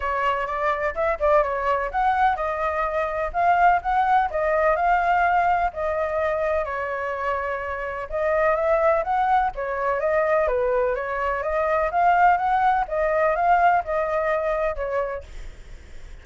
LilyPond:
\new Staff \with { instrumentName = "flute" } { \time 4/4 \tempo 4 = 126 cis''4 d''4 e''8 d''8 cis''4 | fis''4 dis''2 f''4 | fis''4 dis''4 f''2 | dis''2 cis''2~ |
cis''4 dis''4 e''4 fis''4 | cis''4 dis''4 b'4 cis''4 | dis''4 f''4 fis''4 dis''4 | f''4 dis''2 cis''4 | }